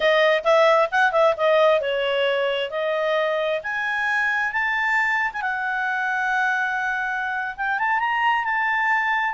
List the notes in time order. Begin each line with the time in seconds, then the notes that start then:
0.00 D#5
0.44 E5
0.91 F#5
1.12 E5
1.36 D#5
1.80 C#5
2.70 D#5
3.63 G#5
4.52 A5
5.32 G#5
5.41 F#5
7.56 G5
7.78 A5
7.99 A#5
8.44 A5